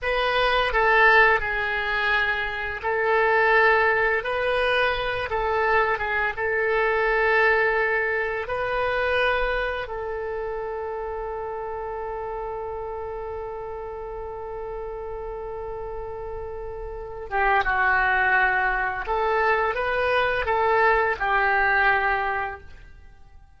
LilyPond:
\new Staff \with { instrumentName = "oboe" } { \time 4/4 \tempo 4 = 85 b'4 a'4 gis'2 | a'2 b'4. a'8~ | a'8 gis'8 a'2. | b'2 a'2~ |
a'1~ | a'1~ | a'8 g'8 fis'2 a'4 | b'4 a'4 g'2 | }